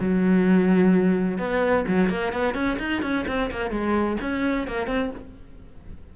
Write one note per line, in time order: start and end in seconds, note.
0.00 1.39 F#3
1.39 1.85 B3
1.88 2.10 F#3
2.10 2.33 A#3
2.33 2.55 B3
2.55 2.78 C#4
2.79 3.03 D#4
3.03 3.26 C#4
3.27 3.51 C4
3.51 3.71 A#3
3.71 4.17 G#3
4.21 4.68 C#4
4.68 4.88 A#3
4.88 5.11 C4